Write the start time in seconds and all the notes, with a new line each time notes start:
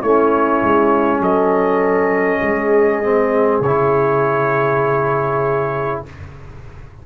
0.00 A3 C#4 E4 C#5
0.62 G#3
1.20 F#3 A4 D#5
2.41 G#3 G#4
3.03 C4
3.60 C#3 E4 C#5